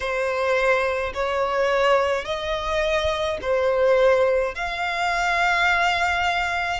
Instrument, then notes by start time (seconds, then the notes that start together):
violin
0.00 C5
1.13 C#5
2.24 D#5
3.41 C5
4.54 F5